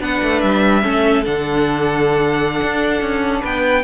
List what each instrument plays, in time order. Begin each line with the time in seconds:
0.00 cello B3, viola D4, violin B4 F#5
0.22 cello A3
0.41 cello G3, violin E5
0.82 cello A3, viola C#4, violin A4
1.24 cello D3, viola D4, violin F#5
2.62 cello D4
3.01 cello C#4
3.41 cello B3, violin B4 G5